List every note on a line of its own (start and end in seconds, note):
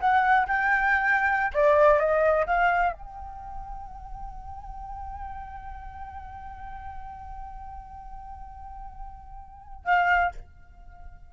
0.00 0.47 F#5
0.47 1.53 G5
1.53 1.99 D5
1.99 2.46 D#5
2.46 2.93 F5
2.93 9.84 G5
9.84 10.31 F5